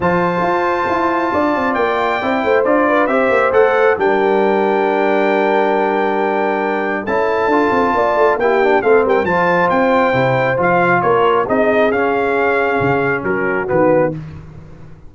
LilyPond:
<<
  \new Staff \with { instrumentName = "trumpet" } { \time 4/4 \tempo 4 = 136 a''1 | g''2 d''4 e''4 | fis''4 g''2.~ | g''1 |
a''2. g''4 | f''8 g''8 a''4 g''2 | f''4 cis''4 dis''4 f''4~ | f''2 ais'4 b'4 | }
  \new Staff \with { instrumentName = "horn" } { \time 4/4 c''2. d''4~ | d''4. c''4 b'8 c''4~ | c''4 ais'2.~ | ais'1 |
a'2 d''4 g'4 | a'8 ais'8 c''2.~ | c''4 ais'4 gis'2~ | gis'2 fis'2 | }
  \new Staff \with { instrumentName = "trombone" } { \time 4/4 f'1~ | f'4 e'4 f'4 g'4 | a'4 d'2.~ | d'1 |
e'4 f'2 e'8 d'8 | c'4 f'2 e'4 | f'2 dis'4 cis'4~ | cis'2. b4 | }
  \new Staff \with { instrumentName = "tuba" } { \time 4/4 f4 f'4 e'4 d'8 c'8 | ais4 c'8 a8 d'4 c'8 ais8 | a4 g2.~ | g1 |
cis'4 d'8 c'8 ais8 a8 ais4 | a8 g8 f4 c'4 c4 | f4 ais4 c'4 cis'4~ | cis'4 cis4 fis4 dis4 | }
>>